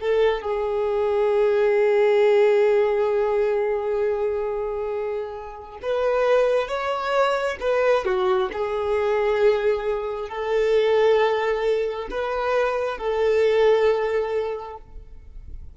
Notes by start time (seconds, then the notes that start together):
0.00 A4
0.42 G#4
5.82 B4
6.68 C#5
7.60 B4
8.05 F#4
8.52 G#4
10.29 A4
12.11 B4
12.98 A4